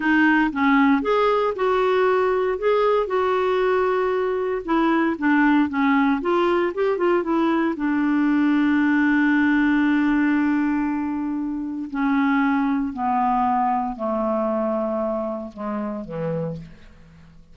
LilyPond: \new Staff \with { instrumentName = "clarinet" } { \time 4/4 \tempo 4 = 116 dis'4 cis'4 gis'4 fis'4~ | fis'4 gis'4 fis'2~ | fis'4 e'4 d'4 cis'4 | f'4 g'8 f'8 e'4 d'4~ |
d'1~ | d'2. cis'4~ | cis'4 b2 a4~ | a2 gis4 e4 | }